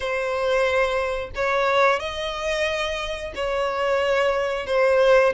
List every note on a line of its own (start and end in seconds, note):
0.00 1.30 C5
1.35 1.99 C#5
1.99 3.33 D#5
3.35 4.66 C#5
4.66 5.33 C5